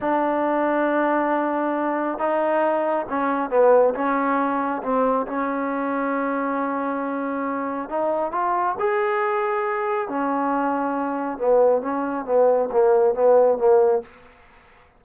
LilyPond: \new Staff \with { instrumentName = "trombone" } { \time 4/4 \tempo 4 = 137 d'1~ | d'4 dis'2 cis'4 | b4 cis'2 c'4 | cis'1~ |
cis'2 dis'4 f'4 | gis'2. cis'4~ | cis'2 b4 cis'4 | b4 ais4 b4 ais4 | }